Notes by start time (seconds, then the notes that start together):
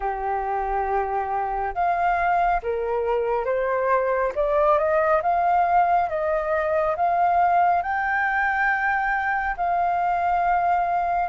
0.00 G4
1.74 F5
2.62 A#4
3.45 C5
4.35 D5
4.78 D#5
5.22 F5
6.09 D#5
6.96 F5
7.82 G5
9.57 F5